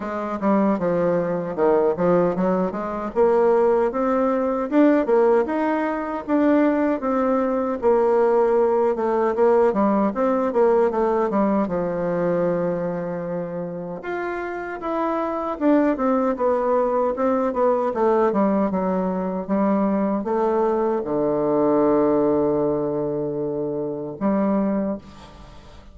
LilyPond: \new Staff \with { instrumentName = "bassoon" } { \time 4/4 \tempo 4 = 77 gis8 g8 f4 dis8 f8 fis8 gis8 | ais4 c'4 d'8 ais8 dis'4 | d'4 c'4 ais4. a8 | ais8 g8 c'8 ais8 a8 g8 f4~ |
f2 f'4 e'4 | d'8 c'8 b4 c'8 b8 a8 g8 | fis4 g4 a4 d4~ | d2. g4 | }